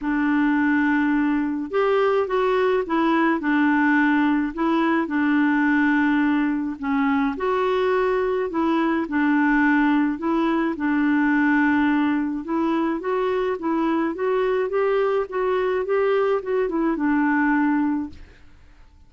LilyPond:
\new Staff \with { instrumentName = "clarinet" } { \time 4/4 \tempo 4 = 106 d'2. g'4 | fis'4 e'4 d'2 | e'4 d'2. | cis'4 fis'2 e'4 |
d'2 e'4 d'4~ | d'2 e'4 fis'4 | e'4 fis'4 g'4 fis'4 | g'4 fis'8 e'8 d'2 | }